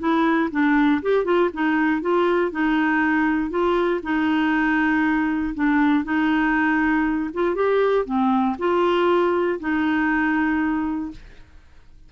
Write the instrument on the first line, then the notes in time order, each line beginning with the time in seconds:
clarinet
0.00 E4
0.51 D4
1.03 G4
1.25 F4
1.54 D#4
2.02 F4
2.52 D#4
3.51 F4
4.03 D#4
5.55 D4
6.04 D#4
7.34 F4
7.55 G4
8.06 C4
8.59 F4
9.60 D#4